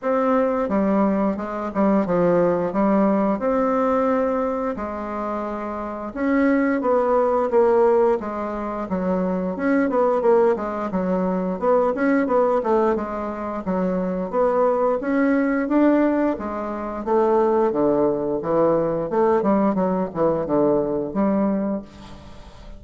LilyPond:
\new Staff \with { instrumentName = "bassoon" } { \time 4/4 \tempo 4 = 88 c'4 g4 gis8 g8 f4 | g4 c'2 gis4~ | gis4 cis'4 b4 ais4 | gis4 fis4 cis'8 b8 ais8 gis8 |
fis4 b8 cis'8 b8 a8 gis4 | fis4 b4 cis'4 d'4 | gis4 a4 d4 e4 | a8 g8 fis8 e8 d4 g4 | }